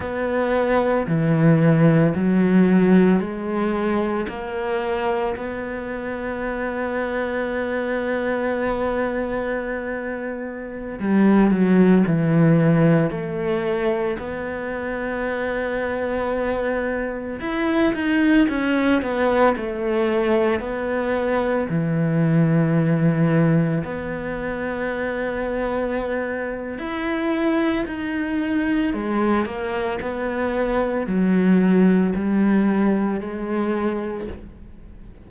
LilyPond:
\new Staff \with { instrumentName = "cello" } { \time 4/4 \tempo 4 = 56 b4 e4 fis4 gis4 | ais4 b2.~ | b2~ b16 g8 fis8 e8.~ | e16 a4 b2~ b8.~ |
b16 e'8 dis'8 cis'8 b8 a4 b8.~ | b16 e2 b4.~ b16~ | b4 e'4 dis'4 gis8 ais8 | b4 fis4 g4 gis4 | }